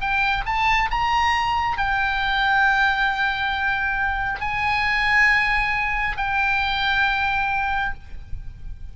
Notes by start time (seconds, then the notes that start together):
0.00 G5
0.45 A5
0.90 A#5
1.77 G5
4.40 G#5
6.17 G5